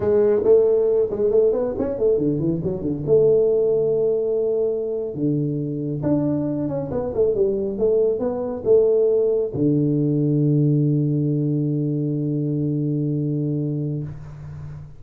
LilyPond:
\new Staff \with { instrumentName = "tuba" } { \time 4/4 \tempo 4 = 137 gis4 a4. gis8 a8 b8 | cis'8 a8 d8 e8 fis8 d8 a4~ | a2.~ a8. d16~ | d4.~ d16 d'4. cis'8 b16~ |
b16 a8 g4 a4 b4 a16~ | a4.~ a16 d2~ d16~ | d1~ | d1 | }